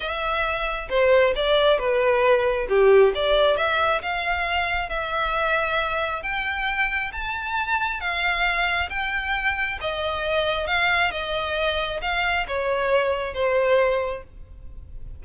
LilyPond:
\new Staff \with { instrumentName = "violin" } { \time 4/4 \tempo 4 = 135 e''2 c''4 d''4 | b'2 g'4 d''4 | e''4 f''2 e''4~ | e''2 g''2 |
a''2 f''2 | g''2 dis''2 | f''4 dis''2 f''4 | cis''2 c''2 | }